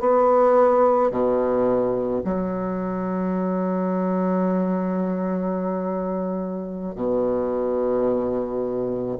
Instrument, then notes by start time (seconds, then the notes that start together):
bassoon
0.00 B3
1.11 B2
2.25 F#3
6.95 B2